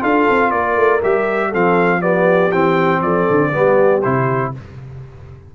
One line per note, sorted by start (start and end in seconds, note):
0.00 0.27 D4
0.00 1.00 F4
0.00 0.52 A4
0.00 0.50 F5
0.29 0.51 C4
0.50 0.76 A#3
0.50 1.48 A#4
0.50 1.00 D5
0.76 1.01 A3
1.03 1.54 G3
1.03 1.53 G4
1.03 1.53 E5
1.48 2.53 F3
1.48 2.01 C4
1.48 1.98 A4
1.48 2.01 F5
2.01 2.51 B3
2.01 3.01 G4
2.01 2.51 D5
2.51 3.02 E3
2.51 3.52 C4
2.51 3.01 G5
3.02 3.27 F3
3.02 3.51 A4
3.02 4.01 D5
3.30 3.54 D3
3.51 4.04 G3
3.51 4.02 B3
3.51 4.51 G4
4.01 4.55 C3
4.01 4.54 E4
4.01 4.51 C5